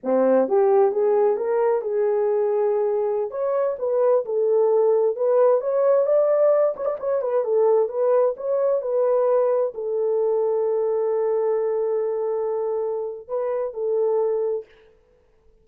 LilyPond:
\new Staff \with { instrumentName = "horn" } { \time 4/4 \tempo 4 = 131 c'4 g'4 gis'4 ais'4 | gis'2.~ gis'16 cis''8.~ | cis''16 b'4 a'2 b'8.~ | b'16 cis''4 d''4. cis''16 d''16 cis''8 b'16~ |
b'16 a'4 b'4 cis''4 b'8.~ | b'4~ b'16 a'2~ a'8.~ | a'1~ | a'4 b'4 a'2 | }